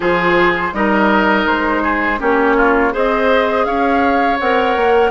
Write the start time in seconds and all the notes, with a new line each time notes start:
0.00 F3 F4 G#4 C5
0.72 G3 D#4 A#4 D#5
1.46 G#3 C5
1.82 G#4
2.18 A#3 C#4 G4 C#5
2.56 F4
2.91 C4 G#4 C5 D#5
3.64 C#4 C#5 F5
4.39 C4 A#4 F#5
4.76 A#3